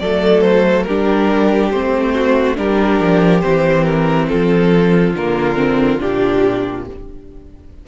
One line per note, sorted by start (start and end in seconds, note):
0.00 0.87 F#3
0.00 0.90 A3
0.00 0.87 A4
0.00 0.42 D5
0.42 0.83 C5
0.83 1.73 G3
0.83 2.15 G4
0.83 1.69 A#4
0.90 1.74 D4
1.71 2.59 A3
1.71 2.56 C4
1.71 2.57 C5
2.15 2.57 F#4
2.56 3.00 G3
2.56 3.41 D4
2.56 4.29 G4
2.56 3.41 A#4
3.00 3.43 F3
3.41 4.32 E3
3.41 5.14 C4
3.41 3.84 C5
3.84 4.27 A#4
4.29 5.14 F3
4.29 6.87 F4
4.29 5.14 A4
5.14 6.00 D3
5.14 5.56 A#3
5.14 6.01 A#4
5.56 5.99 C4
6.00 6.88 A#2
6.00 6.85 D4
6.00 6.87 G4